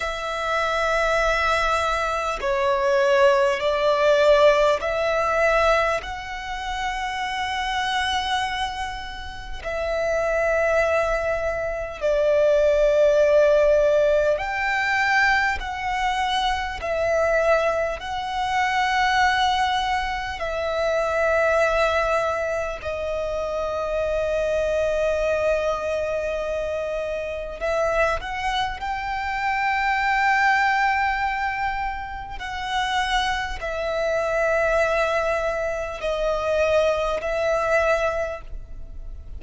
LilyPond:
\new Staff \with { instrumentName = "violin" } { \time 4/4 \tempo 4 = 50 e''2 cis''4 d''4 | e''4 fis''2. | e''2 d''2 | g''4 fis''4 e''4 fis''4~ |
fis''4 e''2 dis''4~ | dis''2. e''8 fis''8 | g''2. fis''4 | e''2 dis''4 e''4 | }